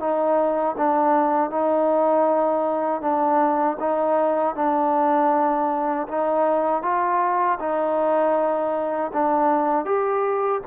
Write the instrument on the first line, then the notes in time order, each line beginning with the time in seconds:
trombone
0.00 D#4
0.78 D4
1.51 D#4
3.01 D4
3.80 D#4
4.56 D4
6.08 D#4
6.83 F4
7.60 D#4
9.13 D4
9.86 G4